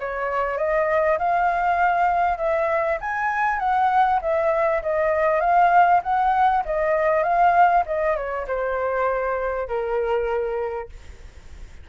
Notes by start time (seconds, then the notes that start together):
0.00 C#5
0.58 D#5
1.19 F5
2.38 E5
3.01 G#5
3.60 F#5
4.22 E5
4.83 D#5
5.41 F5
6.04 F#5
6.66 D#5
7.24 F5
7.87 D#5
8.16 C#5
8.47 C5
9.68 A#4